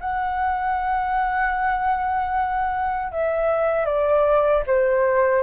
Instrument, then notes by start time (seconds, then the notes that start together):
flute
0.00 F#5
3.12 E5
3.85 D5
4.66 C5